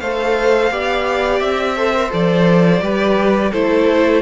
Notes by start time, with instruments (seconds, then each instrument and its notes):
0.00 cello A3, viola A4, violin C5 F5
0.71 cello B3, viola G4, violin D5
1.40 cello C4, violin E5
1.77 viola A4, violin C5
1.95 viola A#4
2.09 cello F3, viola A4, violin D5
2.82 cello G3, viola G4, violin B4
3.52 cello A3, viola E4, violin A4 C5